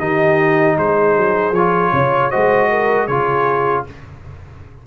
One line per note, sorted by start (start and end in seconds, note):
0.00 0.77 D#3
0.00 1.54 D#4
0.00 0.77 G4
0.00 0.77 D#5
0.78 1.17 G#3
0.78 1.93 G#4
0.78 1.55 C5
1.17 1.52 F#3
1.52 1.90 F3
1.52 2.31 C#5
1.58 2.32 F4
1.93 2.32 C#3
1.93 2.31 C#5
2.31 3.08 G#3
2.31 3.09 F#4
2.31 2.70 C5
2.31 3.08 D#5
2.70 3.07 A#4
3.07 3.85 C#3
3.07 3.87 F4
3.07 3.84 G#4
3.07 3.84 C#5